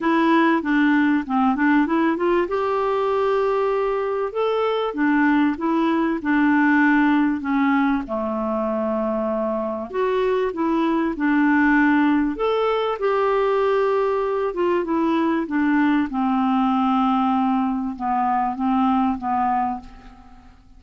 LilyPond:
\new Staff \with { instrumentName = "clarinet" } { \time 4/4 \tempo 4 = 97 e'4 d'4 c'8 d'8 e'8 f'8 | g'2. a'4 | d'4 e'4 d'2 | cis'4 a2. |
fis'4 e'4 d'2 | a'4 g'2~ g'8 f'8 | e'4 d'4 c'2~ | c'4 b4 c'4 b4 | }